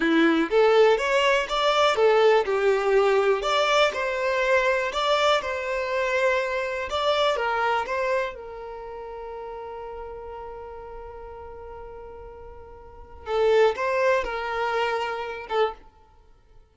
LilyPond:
\new Staff \with { instrumentName = "violin" } { \time 4/4 \tempo 4 = 122 e'4 a'4 cis''4 d''4 | a'4 g'2 d''4 | c''2 d''4 c''4~ | c''2 d''4 ais'4 |
c''4 ais'2.~ | ais'1~ | ais'2. a'4 | c''4 ais'2~ ais'8 a'8 | }